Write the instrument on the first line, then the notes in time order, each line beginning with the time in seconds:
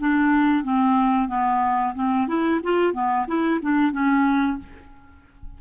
clarinet
0.00 D4
0.64 C4
1.28 B3
1.95 C4
2.28 E4
2.64 F4
2.93 B3
3.28 E4
3.62 D4
3.93 C#4